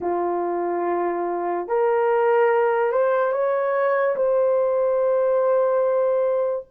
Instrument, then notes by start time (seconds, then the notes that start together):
horn
0.00 F4
1.67 A#4
2.92 C5
3.32 C#5
4.16 C5